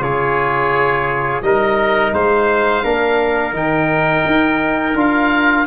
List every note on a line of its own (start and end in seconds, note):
0.00 1.41 C#3
0.00 1.42 F4
0.00 1.45 G#4
0.00 1.42 C#5
1.42 2.12 G3
1.42 2.83 D#4
1.42 2.14 A#4
1.42 2.13 D#5
2.13 2.84 G#3
2.13 2.84 C5
2.13 3.55 F5
2.83 3.53 A#3
2.83 3.53 D4
2.83 5.67 A#4
3.53 4.24 D#3
3.53 4.94 D#4
3.53 4.98 G5
4.26 4.95 D#4
4.95 5.66 D4
4.95 5.67 F4
4.95 5.67 F5